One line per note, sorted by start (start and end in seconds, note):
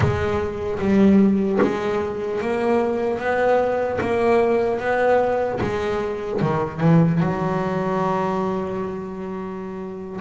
0.00 0.78 G#3
0.79 1.59 G3
1.61 2.41 G#3
2.41 3.19 A#3
3.19 3.99 B3
4.00 4.79 A#3
4.79 5.59 B3
5.60 6.40 G#3
6.41 6.80 D#3
6.80 7.20 E3
7.20 10.20 F#3